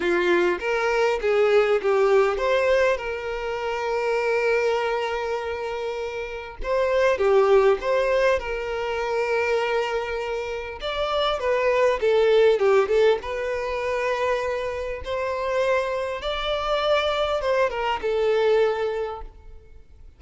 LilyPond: \new Staff \with { instrumentName = "violin" } { \time 4/4 \tempo 4 = 100 f'4 ais'4 gis'4 g'4 | c''4 ais'2.~ | ais'2. c''4 | g'4 c''4 ais'2~ |
ais'2 d''4 b'4 | a'4 g'8 a'8 b'2~ | b'4 c''2 d''4~ | d''4 c''8 ais'8 a'2 | }